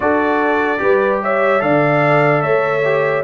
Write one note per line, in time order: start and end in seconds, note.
0.00 0.80 D4
0.00 0.78 F#4
0.00 0.81 A4
0.00 1.19 D5
0.78 1.61 G3
0.78 1.59 G4
0.78 1.22 B4
1.22 1.62 C#5
1.22 1.61 E5
1.59 2.42 D3
1.59 2.80 A4
1.59 2.43 D5
1.59 2.42 F5
2.42 3.23 A3
2.42 3.23 C#5
2.42 3.23 E5
2.84 3.23 G4